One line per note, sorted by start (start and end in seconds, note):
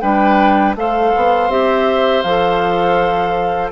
0.00 0.75 G3
0.00 0.76 D4
0.00 0.76 B4
0.00 0.74 G5
0.75 1.12 A3
0.75 1.50 A4
0.75 3.72 C5
0.75 1.51 F5
1.16 1.48 B3
1.48 2.23 C4
1.48 2.24 G4
1.48 2.22 E5
2.22 3.71 F3
2.22 3.72 A4
2.22 3.70 F5